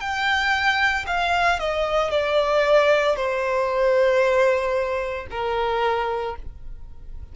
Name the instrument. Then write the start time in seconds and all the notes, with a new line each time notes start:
violin
0.00 G5
1.07 F5
1.59 D#5
2.11 D5
3.16 C5
5.31 A#4